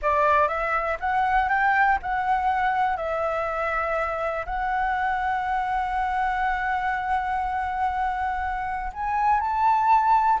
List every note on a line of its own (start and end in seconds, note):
0.02 0.48 D5
0.48 0.97 E5
0.99 1.48 F#5
1.48 1.98 G5
2.02 2.97 F#5
2.97 4.45 E5
4.45 8.92 F#5
8.93 9.40 G#5
9.40 10.39 A5